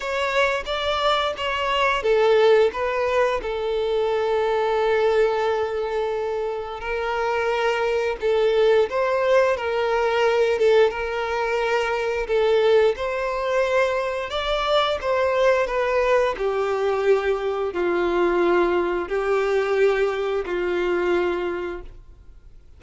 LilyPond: \new Staff \with { instrumentName = "violin" } { \time 4/4 \tempo 4 = 88 cis''4 d''4 cis''4 a'4 | b'4 a'2.~ | a'2 ais'2 | a'4 c''4 ais'4. a'8 |
ais'2 a'4 c''4~ | c''4 d''4 c''4 b'4 | g'2 f'2 | g'2 f'2 | }